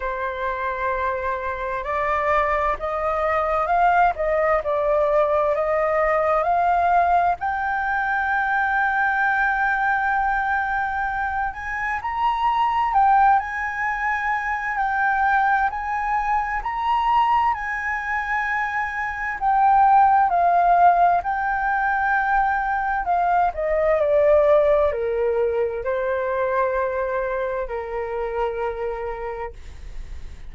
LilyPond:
\new Staff \with { instrumentName = "flute" } { \time 4/4 \tempo 4 = 65 c''2 d''4 dis''4 | f''8 dis''8 d''4 dis''4 f''4 | g''1~ | g''8 gis''8 ais''4 g''8 gis''4. |
g''4 gis''4 ais''4 gis''4~ | gis''4 g''4 f''4 g''4~ | g''4 f''8 dis''8 d''4 ais'4 | c''2 ais'2 | }